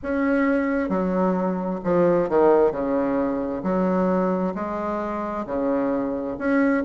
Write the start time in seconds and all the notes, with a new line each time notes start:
0.02 C#4
0.89 F#3
1.83 F3
2.29 D#3
2.71 C#3
3.63 F#3
4.55 G#3
5.45 C#3
6.38 C#4